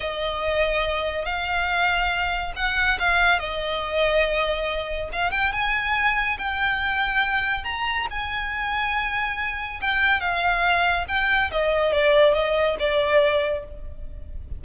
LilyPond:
\new Staff \with { instrumentName = "violin" } { \time 4/4 \tempo 4 = 141 dis''2. f''4~ | f''2 fis''4 f''4 | dis''1 | f''8 g''8 gis''2 g''4~ |
g''2 ais''4 gis''4~ | gis''2. g''4 | f''2 g''4 dis''4 | d''4 dis''4 d''2 | }